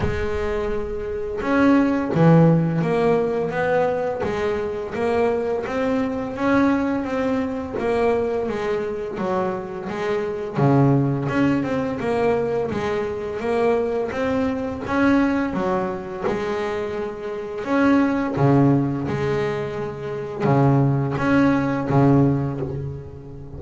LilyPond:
\new Staff \with { instrumentName = "double bass" } { \time 4/4 \tempo 4 = 85 gis2 cis'4 e4 | ais4 b4 gis4 ais4 | c'4 cis'4 c'4 ais4 | gis4 fis4 gis4 cis4 |
cis'8 c'8 ais4 gis4 ais4 | c'4 cis'4 fis4 gis4~ | gis4 cis'4 cis4 gis4~ | gis4 cis4 cis'4 cis4 | }